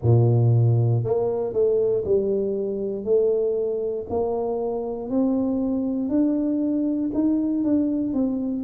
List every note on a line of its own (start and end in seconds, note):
0.02 1.04 A#2
1.04 1.53 A#3
1.53 2.03 A3
2.04 3.04 G3
3.04 4.06 A3
4.09 5.09 A#3
5.09 6.09 C4
6.09 7.10 D4
7.14 7.64 D#4
7.64 8.13 D4
8.13 8.63 C4